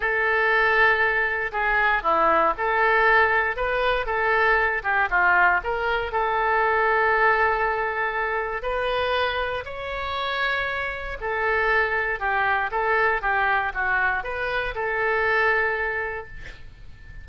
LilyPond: \new Staff \with { instrumentName = "oboe" } { \time 4/4 \tempo 4 = 118 a'2. gis'4 | e'4 a'2 b'4 | a'4. g'8 f'4 ais'4 | a'1~ |
a'4 b'2 cis''4~ | cis''2 a'2 | g'4 a'4 g'4 fis'4 | b'4 a'2. | }